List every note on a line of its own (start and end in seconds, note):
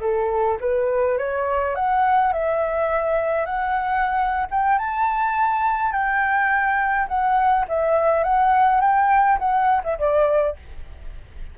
0.00 0.58 A4
0.60 1.17 B4
1.17 1.75 C#5
1.75 2.33 F#5
2.33 3.45 E5
3.45 4.46 F#5
4.50 4.78 G5
4.78 5.91 A5
5.91 7.07 G5
7.08 7.65 F#5
7.68 8.23 E5
8.23 8.81 F#5
8.81 9.38 G5
9.39 9.82 F#5
9.83 9.98 E5
9.98 10.56 D5